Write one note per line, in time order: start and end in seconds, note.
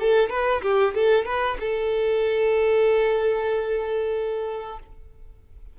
0.00 0.30 A4
0.30 0.62 B4
0.62 0.94 G4
0.94 1.25 A4
1.25 1.57 B4
1.60 4.79 A4